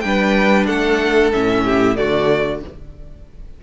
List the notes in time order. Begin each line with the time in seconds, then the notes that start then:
0.00 G3 D4 B4 G5
0.67 A3 A4 F#5
1.33 A2 C#4 E5
1.64 G4
1.95 D3 A3 F#4 D5